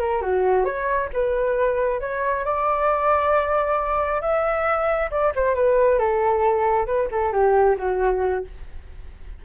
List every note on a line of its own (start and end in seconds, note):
0.00 0.22 A#4
0.22 0.65 F#4
0.65 1.10 C#5
1.14 2.01 B4
2.01 2.45 C#5
2.45 4.22 D5
4.22 5.11 E5
5.11 5.33 D5
5.36 5.55 C5
5.55 5.99 B4
5.99 6.86 A4
6.86 7.09 B4
7.12 7.33 A4
7.33 7.77 G4
7.78 8.45 F#4